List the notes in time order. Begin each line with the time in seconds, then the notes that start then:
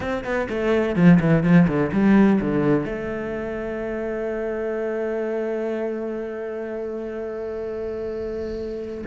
0.00 C4
0.23 B3
0.49 A3
0.95 F3
1.19 E3
1.43 F3
1.67 D3
1.92 G3
2.40 D3
2.85 A3